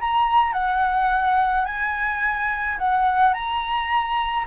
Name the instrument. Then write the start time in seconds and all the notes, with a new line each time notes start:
flute
0.00 A#5
0.53 F#5
1.65 G#5
2.78 F#5
3.33 A#5